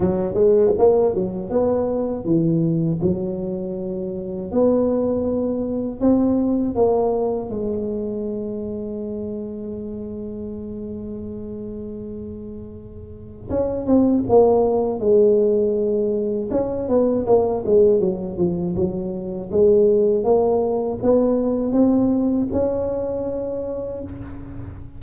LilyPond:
\new Staff \with { instrumentName = "tuba" } { \time 4/4 \tempo 4 = 80 fis8 gis8 ais8 fis8 b4 e4 | fis2 b2 | c'4 ais4 gis2~ | gis1~ |
gis2 cis'8 c'8 ais4 | gis2 cis'8 b8 ais8 gis8 | fis8 f8 fis4 gis4 ais4 | b4 c'4 cis'2 | }